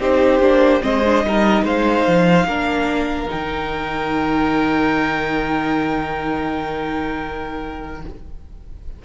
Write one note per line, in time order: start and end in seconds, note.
0.00 0.40 C4
0.00 0.42 D#4
0.00 0.82 G4
0.00 0.83 C5
0.40 0.81 A#3
0.40 0.82 D4
0.82 1.24 G#3
0.82 1.02 C4
0.82 1.26 C5
0.82 1.65 D#5
1.06 1.26 D4
1.24 1.63 G3
1.24 2.49 D#4
1.24 1.65 A#4
1.63 2.04 G#3
1.63 2.47 C5
1.63 3.31 F5
2.08 2.45 F3
2.45 3.28 A#3
2.45 3.28 D4
2.45 8.03 A#4
3.28 8.05 D#3
3.28 8.00 D#4
3.28 8.03 G5